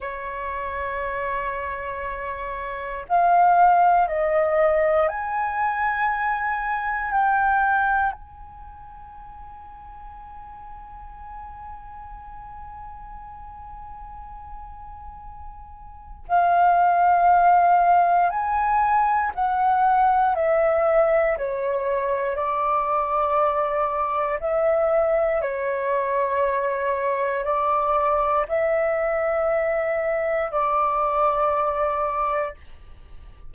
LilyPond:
\new Staff \with { instrumentName = "flute" } { \time 4/4 \tempo 4 = 59 cis''2. f''4 | dis''4 gis''2 g''4 | gis''1~ | gis''1 |
f''2 gis''4 fis''4 | e''4 cis''4 d''2 | e''4 cis''2 d''4 | e''2 d''2 | }